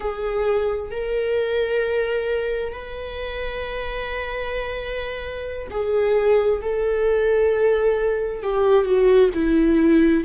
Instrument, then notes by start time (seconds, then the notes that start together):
viola
0.00 G#4
0.90 A#4
2.72 B4
5.70 G#4
6.61 A4
8.43 G4
8.84 F#4
9.34 E4